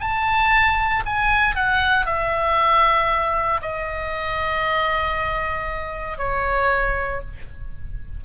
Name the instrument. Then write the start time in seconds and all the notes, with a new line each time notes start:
oboe
0.00 A5
1.06 G#5
1.55 F#5
2.06 E5
3.62 D#5
6.17 C#5